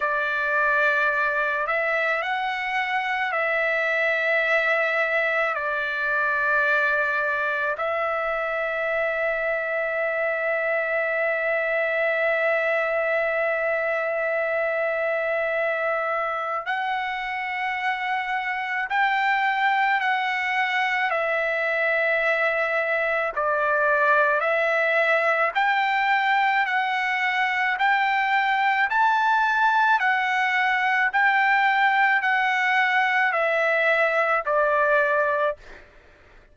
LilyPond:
\new Staff \with { instrumentName = "trumpet" } { \time 4/4 \tempo 4 = 54 d''4. e''8 fis''4 e''4~ | e''4 d''2 e''4~ | e''1~ | e''2. fis''4~ |
fis''4 g''4 fis''4 e''4~ | e''4 d''4 e''4 g''4 | fis''4 g''4 a''4 fis''4 | g''4 fis''4 e''4 d''4 | }